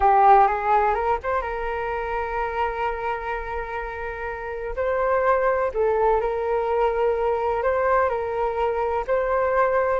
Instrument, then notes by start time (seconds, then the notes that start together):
flute
0.00 G4
0.47 G#4
0.94 A#4
1.23 C5
1.41 A#4
4.76 C5
5.74 A4
6.20 A#4
7.62 C5
8.09 A#4
9.07 C5